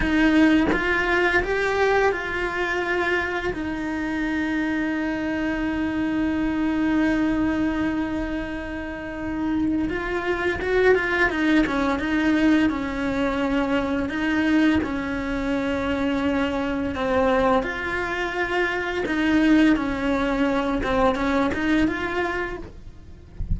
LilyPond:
\new Staff \with { instrumentName = "cello" } { \time 4/4 \tempo 4 = 85 dis'4 f'4 g'4 f'4~ | f'4 dis'2.~ | dis'1~ | dis'2 f'4 fis'8 f'8 |
dis'8 cis'8 dis'4 cis'2 | dis'4 cis'2. | c'4 f'2 dis'4 | cis'4. c'8 cis'8 dis'8 f'4 | }